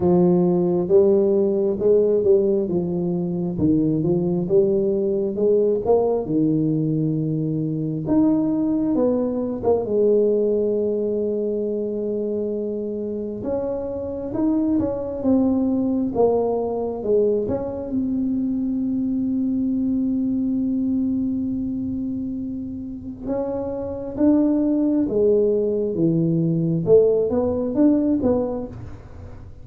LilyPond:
\new Staff \with { instrumentName = "tuba" } { \time 4/4 \tempo 4 = 67 f4 g4 gis8 g8 f4 | dis8 f8 g4 gis8 ais8 dis4~ | dis4 dis'4 b8. ais16 gis4~ | gis2. cis'4 |
dis'8 cis'8 c'4 ais4 gis8 cis'8 | c'1~ | c'2 cis'4 d'4 | gis4 e4 a8 b8 d'8 b8 | }